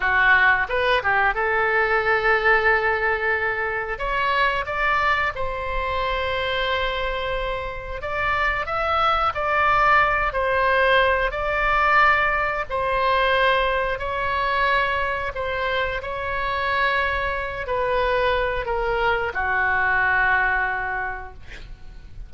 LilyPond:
\new Staff \with { instrumentName = "oboe" } { \time 4/4 \tempo 4 = 90 fis'4 b'8 g'8 a'2~ | a'2 cis''4 d''4 | c''1 | d''4 e''4 d''4. c''8~ |
c''4 d''2 c''4~ | c''4 cis''2 c''4 | cis''2~ cis''8 b'4. | ais'4 fis'2. | }